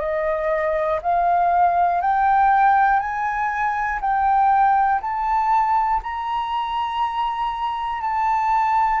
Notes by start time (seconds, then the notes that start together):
0.00 D#5
1.01 F5
2.01 G5
2.99 G#5
4.00 G5
5.01 A5
6.03 A#5
8.01 A5